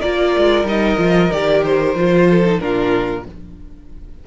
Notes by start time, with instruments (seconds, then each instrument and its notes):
0.00 cello A#3, viola F4, violin A#4 D5
0.37 cello G#3
0.63 cello G3, viola D#4, violin D#5
0.97 cello F3, viola F4
1.31 cello D#3, viola G4, violin D5
1.65 violin C5
1.94 cello F3, viola F4
2.29 violin A4
2.45 viola D#4
2.58 cello A#2, viola D4, violin F4 A#4